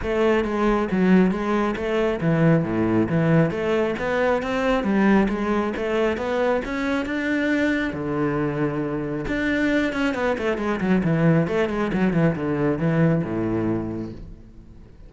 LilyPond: \new Staff \with { instrumentName = "cello" } { \time 4/4 \tempo 4 = 136 a4 gis4 fis4 gis4 | a4 e4 a,4 e4 | a4 b4 c'4 g4 | gis4 a4 b4 cis'4 |
d'2 d2~ | d4 d'4. cis'8 b8 a8 | gis8 fis8 e4 a8 gis8 fis8 e8 | d4 e4 a,2 | }